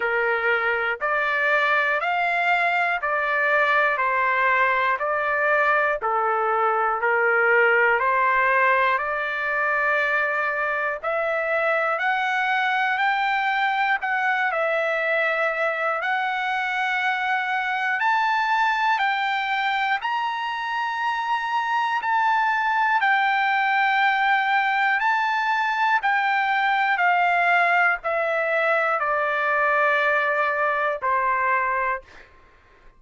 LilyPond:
\new Staff \with { instrumentName = "trumpet" } { \time 4/4 \tempo 4 = 60 ais'4 d''4 f''4 d''4 | c''4 d''4 a'4 ais'4 | c''4 d''2 e''4 | fis''4 g''4 fis''8 e''4. |
fis''2 a''4 g''4 | ais''2 a''4 g''4~ | g''4 a''4 g''4 f''4 | e''4 d''2 c''4 | }